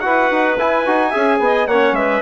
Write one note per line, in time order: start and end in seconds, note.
0.00 0.31 E4
0.00 0.57 F#4
0.00 1.09 B4
0.00 0.55 F#5
0.31 0.58 D#4
0.58 0.85 E4
0.58 0.86 E4
0.58 1.68 G#5
0.86 1.14 D#4
0.86 1.13 F#4
1.09 1.68 G#4
1.09 1.36 E5
1.15 1.40 C#4
1.40 1.67 B3
1.40 1.68 D#5
1.67 1.92 A#3
1.67 2.22 C#4
1.67 1.96 C#5
1.67 1.95 F#5
1.92 2.20 G#3
1.92 2.22 B4
1.92 2.22 E5